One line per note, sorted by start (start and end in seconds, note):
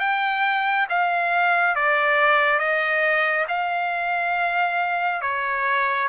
0.00 0.87 G5
0.89 1.75 F5
1.75 2.59 D5
2.59 3.46 D#5
3.49 5.21 F5
5.21 6.08 C#5